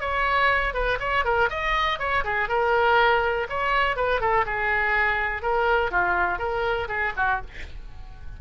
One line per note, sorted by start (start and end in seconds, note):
0.00 0.74 C#5
0.74 0.98 B4
0.99 1.24 C#5
1.24 1.49 A#4
1.50 1.99 D#5
1.99 2.23 C#5
2.24 2.48 G#4
2.48 3.47 A#4
3.49 3.96 C#5
3.96 4.20 B4
4.20 4.45 A4
4.46 5.42 G#4
5.42 5.90 A#4
5.90 6.38 F4
6.38 6.87 A#4
6.88 7.12 G#4
7.16 7.41 F#4